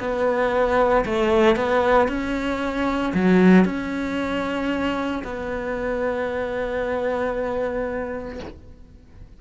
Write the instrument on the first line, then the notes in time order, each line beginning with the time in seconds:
cello
0.00 B3
1.06 A3
1.56 B3
2.08 C#4
3.14 F#3
3.65 C#4
5.24 B3